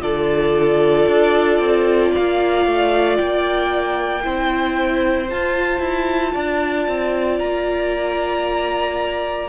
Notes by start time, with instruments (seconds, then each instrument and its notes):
0.00 cello D3, viola F4, violin A4 D5
1.07 cello D4
1.59 cello C4
2.11 cello A#3, violin D5 F5
2.66 cello A3
3.17 cello A#3, violin G5
4.23 cello C4, viola E4, violin C5
5.28 viola F4, cello F4, violin A5
5.79 cello E4
6.33 cello D4, violin D5
6.88 cello C4
7.39 cello A#3, violin A#5